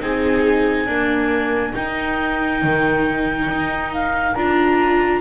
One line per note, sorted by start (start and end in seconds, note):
0.00 0.86 C4
0.00 0.87 D#4
0.00 0.88 G#4
0.00 1.74 G#5
0.86 1.73 A#3
0.86 1.72 D4
0.86 5.21 A#4
1.73 4.34 D#4
1.73 2.62 D#4
1.73 3.92 G5
2.62 3.47 D#3
3.47 4.34 D#4
3.92 4.34 F5
4.34 5.21 D4
4.34 5.21 F4
4.34 5.21 A#5